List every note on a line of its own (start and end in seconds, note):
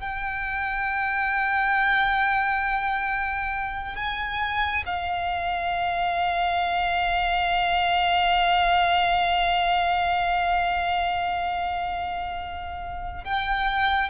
0.00 3.95 G5
3.95 4.84 G#5
4.85 13.24 F5
13.24 14.09 G5